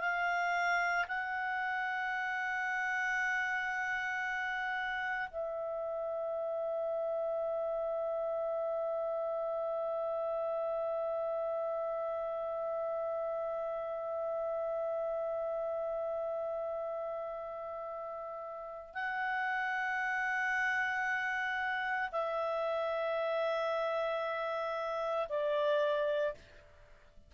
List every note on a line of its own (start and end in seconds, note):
0.00 1.05 F5
1.08 5.29 F#5
5.31 18.94 E5
18.94 22.10 F#5
22.12 25.28 E5
25.29 26.34 D5